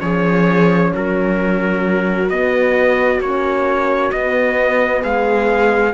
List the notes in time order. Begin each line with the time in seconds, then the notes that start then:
0.00 F3 C#4 G#4 C#5
0.94 F#3 F#4 A#4
2.30 B3 D#5
3.20 A#3 C#4 C#5
4.12 B3 D#5
5.02 G#3 G#4 F5